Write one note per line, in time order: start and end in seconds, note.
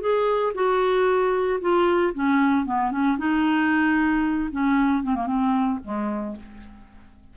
0.00 0.53 G#4
0.54 1.59 F#4
1.60 2.13 F4
2.14 2.65 C#4
2.65 2.91 B3
2.91 3.17 C#4
3.18 4.49 D#4
4.51 5.03 C#4
5.03 5.15 C4
5.15 5.26 A#3
5.26 5.79 C4
5.83 6.36 G#3